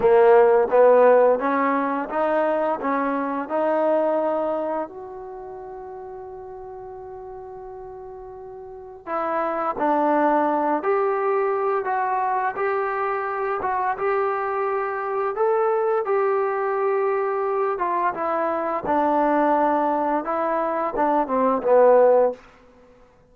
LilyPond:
\new Staff \with { instrumentName = "trombone" } { \time 4/4 \tempo 4 = 86 ais4 b4 cis'4 dis'4 | cis'4 dis'2 fis'4~ | fis'1~ | fis'4 e'4 d'4. g'8~ |
g'4 fis'4 g'4. fis'8 | g'2 a'4 g'4~ | g'4. f'8 e'4 d'4~ | d'4 e'4 d'8 c'8 b4 | }